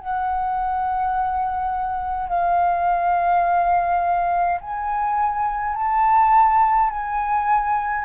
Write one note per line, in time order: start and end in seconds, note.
0.00 2.29 F#5
2.29 4.60 F5
4.61 5.75 G#5
5.75 6.90 A5
6.90 8.05 G#5